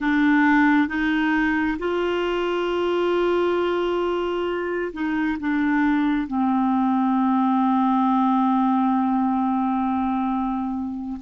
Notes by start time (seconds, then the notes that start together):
0.00 D4
0.88 D#4
1.78 F4
4.93 D#4
5.39 D4
6.27 C4